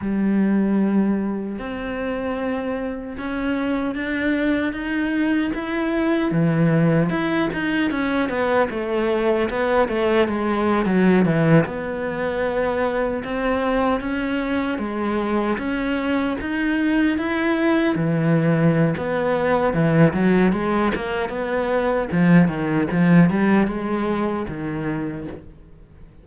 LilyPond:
\new Staff \with { instrumentName = "cello" } { \time 4/4 \tempo 4 = 76 g2 c'2 | cis'4 d'4 dis'4 e'4 | e4 e'8 dis'8 cis'8 b8 a4 | b8 a8 gis8. fis8 e8 b4~ b16~ |
b8. c'4 cis'4 gis4 cis'16~ | cis'8. dis'4 e'4 e4~ e16 | b4 e8 fis8 gis8 ais8 b4 | f8 dis8 f8 g8 gis4 dis4 | }